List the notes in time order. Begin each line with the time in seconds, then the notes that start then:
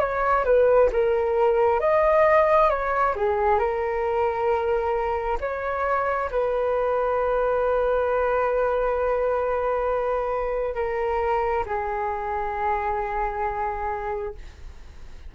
0.00 C#5
0.45 B4
0.93 A#4
1.80 D#5
2.70 C#5
3.16 G#4
3.59 A#4
5.41 C#5
6.31 B4
10.75 A#4
11.67 G#4